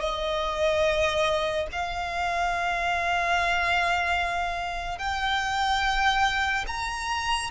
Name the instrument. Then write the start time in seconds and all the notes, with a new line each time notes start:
violin
0.00 D#5
1.72 F5
4.98 G5
6.67 A#5